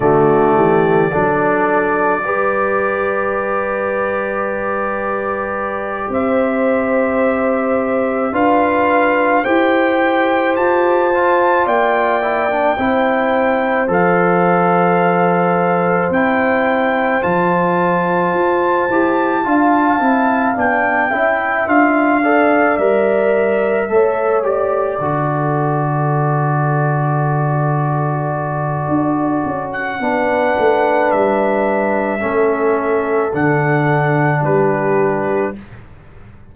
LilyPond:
<<
  \new Staff \with { instrumentName = "trumpet" } { \time 4/4 \tempo 4 = 54 d''1~ | d''4. e''2 f''8~ | f''8 g''4 a''4 g''4.~ | g''8 f''2 g''4 a''8~ |
a''2~ a''8 g''4 f''8~ | f''8 e''4. d''2~ | d''2~ d''8. fis''4~ fis''16 | e''2 fis''4 b'4 | }
  \new Staff \with { instrumentName = "horn" } { \time 4/4 fis'8 g'8 a'4 b'2~ | b'4. c''2 b'8~ | b'8 c''2 d''4 c''8~ | c''1~ |
c''4. f''4. e''4 | d''4. cis''4 a'4.~ | a'2. b'4~ | b'4 a'2 g'4 | }
  \new Staff \with { instrumentName = "trombone" } { \time 4/4 a4 d'4 g'2~ | g'2.~ g'8 f'8~ | f'8 g'4. f'4 e'16 d'16 e'8~ | e'8 a'2 e'4 f'8~ |
f'4 g'8 f'8 e'8 d'8 e'8 f'8 | a'8 ais'4 a'8 g'8 fis'4.~ | fis'2. d'4~ | d'4 cis'4 d'2 | }
  \new Staff \with { instrumentName = "tuba" } { \time 4/4 d8 e8 fis4 g2~ | g4. c'2 d'8~ | d'8 e'4 f'4 ais4 c'8~ | c'8 f2 c'4 f8~ |
f8 f'8 e'8 d'8 c'8 b8 cis'8 d'8~ | d'8 g4 a4 d4.~ | d2 d'8 cis'8 b8 a8 | g4 a4 d4 g4 | }
>>